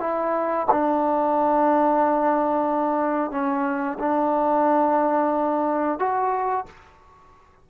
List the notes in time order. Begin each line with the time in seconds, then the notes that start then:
0.00 E4
0.71 D4
3.31 C#4
3.99 D4
5.99 F#4